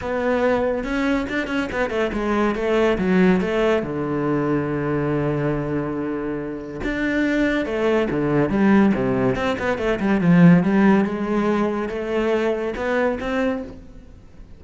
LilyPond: \new Staff \with { instrumentName = "cello" } { \time 4/4 \tempo 4 = 141 b2 cis'4 d'8 cis'8 | b8 a8 gis4 a4 fis4 | a4 d2.~ | d1 |
d'2 a4 d4 | g4 c4 c'8 b8 a8 g8 | f4 g4 gis2 | a2 b4 c'4 | }